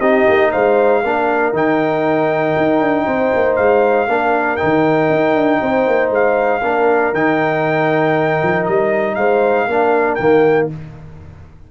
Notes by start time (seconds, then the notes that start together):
0.00 C4 D#4 G4 D#5
0.28 A#3
0.52 G#3 C5 F5
1.03 A#3 D4 A#4
1.53 D#3 D#4 G5
2.57 D#4
2.81 D4
3.06 C4 C5
3.35 A#3
3.56 G#3 F5
4.07 A#3 D4 A#4
4.57 D#4 G5
4.63 D#3
5.10 D#4
5.35 D4
5.62 C4 C5
5.87 A#3
6.10 G#3 F5
6.62 A#3 D4 A#4
7.13 D#3 D#4 G5
8.43 F3
8.66 G3 D#5
9.15 G#3 C5 F5
9.67 A#3 D4 A#4
10.15 D#3 A#3 G5